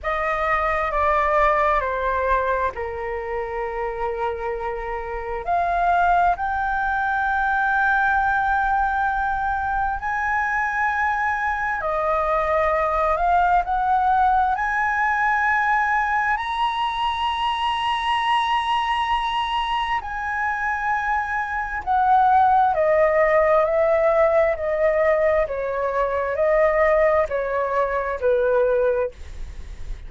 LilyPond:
\new Staff \with { instrumentName = "flute" } { \time 4/4 \tempo 4 = 66 dis''4 d''4 c''4 ais'4~ | ais'2 f''4 g''4~ | g''2. gis''4~ | gis''4 dis''4. f''8 fis''4 |
gis''2 ais''2~ | ais''2 gis''2 | fis''4 dis''4 e''4 dis''4 | cis''4 dis''4 cis''4 b'4 | }